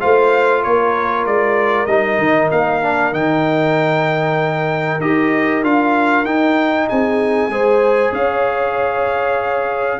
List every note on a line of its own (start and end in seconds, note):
0.00 0.65 A3
0.00 1.88 F4
0.00 0.63 C5
0.00 0.63 F5
0.63 1.26 A#3
0.63 6.89 A#4
0.63 1.26 C#5
1.26 1.87 G#3
1.26 1.86 D5
1.86 2.18 G3
1.86 2.82 D#4
1.86 2.49 D#5
2.18 2.50 D#3
2.51 3.13 A#3
2.51 3.14 F5
2.82 3.12 D4
3.12 5.00 D#3
3.12 5.00 D#4
3.12 5.01 G5
5.00 5.62 D#4
5.00 5.64 G4
5.00 5.63 D#5
5.62 6.25 D4
5.62 6.26 F4
5.62 6.25 F5
6.25 6.87 D#4
6.25 7.51 D#4
6.25 6.88 G5
6.89 7.48 C4
6.89 7.51 G#4
6.89 8.14 G#5
7.48 8.11 G#3
7.48 10.00 G#4
7.48 8.12 C5
8.12 9.99 C#4
8.12 10.00 C#5
8.12 10.00 F5